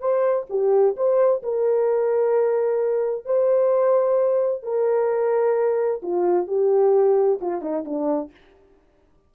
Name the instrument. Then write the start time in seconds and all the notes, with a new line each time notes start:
horn
0.00 C5
0.50 G4
0.96 C5
1.43 A#4
3.25 C5
4.63 A#4
6.03 F4
6.47 G4
7.41 F4
7.62 D#4
7.85 D4